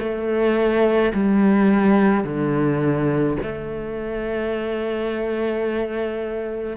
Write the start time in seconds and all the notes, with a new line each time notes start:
0.00 A3
1.14 G3
2.24 D3
3.43 A3